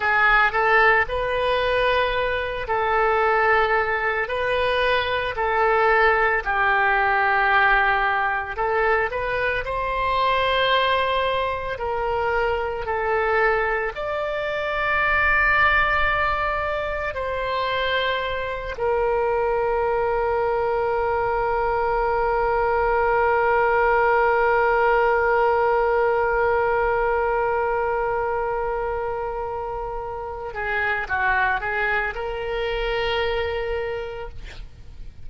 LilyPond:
\new Staff \with { instrumentName = "oboe" } { \time 4/4 \tempo 4 = 56 gis'8 a'8 b'4. a'4. | b'4 a'4 g'2 | a'8 b'8 c''2 ais'4 | a'4 d''2. |
c''4. ais'2~ ais'8~ | ais'1~ | ais'1~ | ais'8 gis'8 fis'8 gis'8 ais'2 | }